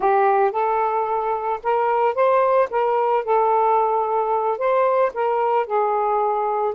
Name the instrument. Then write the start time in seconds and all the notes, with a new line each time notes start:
saxophone
0.00 G4
0.51 A4
1.63 A#4
2.14 C5
2.70 A#4
3.24 A4
4.57 C5
5.14 A#4
5.66 G#4